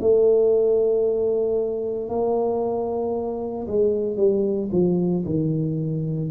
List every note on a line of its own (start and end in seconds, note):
0.00 2.09 A3
2.09 3.67 A#3
3.67 4.17 G#3
4.17 4.69 G3
4.72 5.24 F3
5.25 6.31 D#3